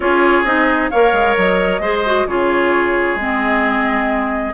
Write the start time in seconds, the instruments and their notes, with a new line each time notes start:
0.00 bassoon C#4, clarinet F4, oboe G#4, flute C#5
0.44 bassoon C4, clarinet D#4, flute D#5
0.90 bassoon A#3, clarinet A#4, oboe C#5, flute F5
1.12 bassoon G#3
1.36 bassoon F#3, flute D#5
1.79 bassoon G#3, clarinet G#4, oboe C5
2.05 clarinet F#4
2.26 bassoon C#3, clarinet F4, oboe G#4, flute C#5
3.15 bassoon G#3, clarinet C4, flute D#5